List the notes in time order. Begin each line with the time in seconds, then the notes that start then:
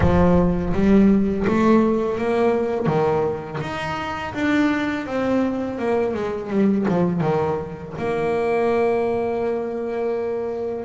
0.00 F3
0.73 G3
1.47 A3
2.18 A#3
2.86 D#3
3.61 D#4
4.34 D4
5.06 C4
5.78 A#3
6.14 G#3
6.50 G3
6.88 F3
7.20 D#3
7.97 A#3